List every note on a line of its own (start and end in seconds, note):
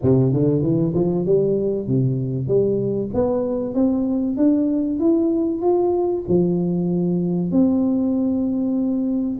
0.02 0.32 C3
0.32 0.61 D3
0.61 0.93 E3
0.94 1.25 F3
1.25 1.87 G3
1.87 2.47 C3
2.47 3.09 G3
3.14 3.74 B3
3.74 4.36 C4
4.37 4.99 D4
4.99 5.61 E4
5.61 6.24 F4
6.28 7.51 F3
7.51 9.39 C4